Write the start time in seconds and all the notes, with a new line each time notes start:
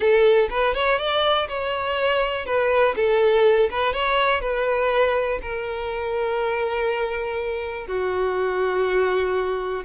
0.00 A4
0.50 B4
0.74 C#5
0.98 D5
1.48 C#5
2.45 B4
2.96 A4
3.70 B4
3.93 C#5
4.40 B4
5.42 A#4
7.87 F#4